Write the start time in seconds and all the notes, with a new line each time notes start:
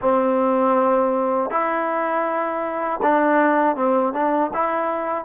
0.01 C4
1.50 E4
3.02 D4
3.76 C4
4.13 D4
4.53 E4